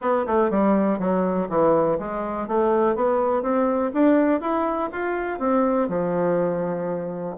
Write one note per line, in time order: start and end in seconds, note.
0.01 0.25 B3
0.26 0.50 A3
0.50 0.98 G3
0.98 1.48 F#3
1.49 1.98 E3
1.99 2.47 G#3
2.47 2.95 A3
2.95 3.42 B3
3.42 3.91 C4
3.93 4.41 D4
4.41 4.90 E4
4.92 5.39 F4
5.39 5.88 C4
5.88 7.35 F3